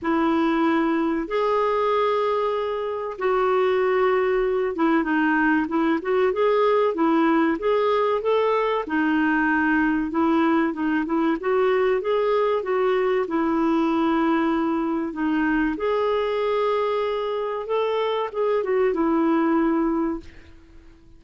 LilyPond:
\new Staff \with { instrumentName = "clarinet" } { \time 4/4 \tempo 4 = 95 e'2 gis'2~ | gis'4 fis'2~ fis'8 e'8 | dis'4 e'8 fis'8 gis'4 e'4 | gis'4 a'4 dis'2 |
e'4 dis'8 e'8 fis'4 gis'4 | fis'4 e'2. | dis'4 gis'2. | a'4 gis'8 fis'8 e'2 | }